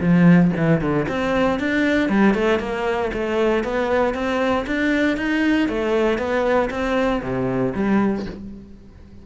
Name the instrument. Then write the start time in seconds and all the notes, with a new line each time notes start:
cello
0.00 F3
0.56 E3
0.81 D3
1.08 C4
1.59 D4
2.09 G3
2.34 A3
2.59 A#3
3.13 A3
3.64 B3
4.14 C4
4.66 D4
5.17 D#4
5.69 A3
6.18 B3
6.70 C4
7.22 C3
7.74 G3